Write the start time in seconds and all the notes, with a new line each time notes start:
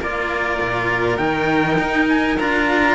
0.00 A#3 F4 A#4 D5
0.62 A#2
1.18 D#3 D#4 G5
1.80 D#4
2.09 G#5
2.39 D4 F4 A#5